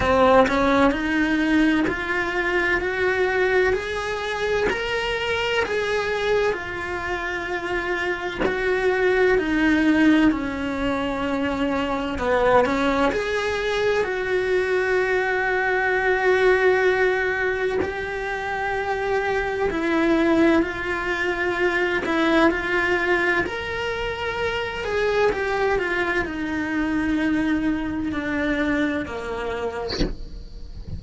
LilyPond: \new Staff \with { instrumentName = "cello" } { \time 4/4 \tempo 4 = 64 c'8 cis'8 dis'4 f'4 fis'4 | gis'4 ais'4 gis'4 f'4~ | f'4 fis'4 dis'4 cis'4~ | cis'4 b8 cis'8 gis'4 fis'4~ |
fis'2. g'4~ | g'4 e'4 f'4. e'8 | f'4 ais'4. gis'8 g'8 f'8 | dis'2 d'4 ais4 | }